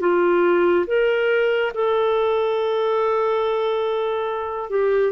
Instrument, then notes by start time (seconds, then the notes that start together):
clarinet
0.00 F4
0.86 A#4
1.74 A4
4.70 G4